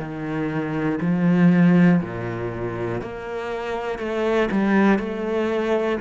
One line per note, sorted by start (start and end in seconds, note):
0.00 1.00 D#3
1.01 2.01 F3
2.02 3.02 A#2
3.02 3.99 A#3
3.99 4.49 A3
4.52 4.99 G3
4.99 5.99 A3